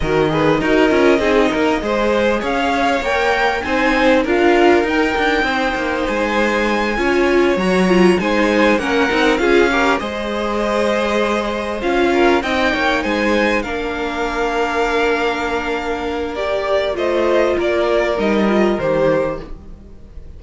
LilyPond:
<<
  \new Staff \with { instrumentName = "violin" } { \time 4/4 \tempo 4 = 99 dis''1 | f''4 g''4 gis''4 f''4 | g''2 gis''2~ | gis''8 ais''4 gis''4 fis''4 f''8~ |
f''8 dis''2. f''8~ | f''8 g''4 gis''4 f''4.~ | f''2. d''4 | dis''4 d''4 dis''4 c''4 | }
  \new Staff \with { instrumentName = "violin" } { \time 4/4 ais'8 b'8 ais'4 gis'8 ais'8 c''4 | cis''2 c''4 ais'4~ | ais'4 c''2~ c''8 cis''8~ | cis''4. c''4 ais'4 gis'8 |
ais'8 c''2.~ c''8 | ais'8 dis''8 cis''8 c''4 ais'4.~ | ais'1 | c''4 ais'2. | }
  \new Staff \with { instrumentName = "viola" } { \time 4/4 fis'8 gis'8 fis'8 f'8 dis'4 gis'4~ | gis'4 ais'4 dis'4 f'4 | dis'2.~ dis'8 f'8~ | f'8 fis'8 f'8 dis'4 cis'8 dis'8 f'8 |
g'8 gis'2. f'8~ | f'8 dis'2 d'4.~ | d'2. g'4 | f'2 dis'8 f'8 g'4 | }
  \new Staff \with { instrumentName = "cello" } { \time 4/4 dis4 dis'8 cis'8 c'8 ais8 gis4 | cis'4 ais4 c'4 d'4 | dis'8 d'8 c'8 ais8 gis4. cis'8~ | cis'8 fis4 gis4 ais8 c'8 cis'8~ |
cis'8 gis2. cis'8~ | cis'8 c'8 ais8 gis4 ais4.~ | ais1 | a4 ais4 g4 dis4 | }
>>